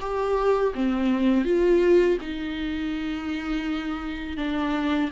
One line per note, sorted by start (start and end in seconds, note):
0.00 0.73 G4
0.75 1.45 C4
1.45 2.18 F4
2.21 4.37 D#4
4.37 5.11 D4